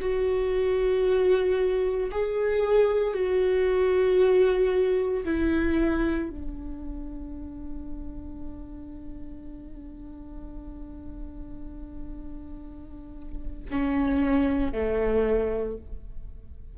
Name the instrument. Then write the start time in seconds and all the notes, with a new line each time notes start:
viola
0.00 F#4
2.11 G#4
3.13 F#4
5.24 E4
6.30 D4
13.71 C#4
14.72 A3